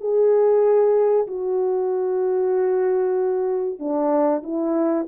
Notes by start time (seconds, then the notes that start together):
0.00 G#4
1.27 F#4
3.79 D4
4.43 E4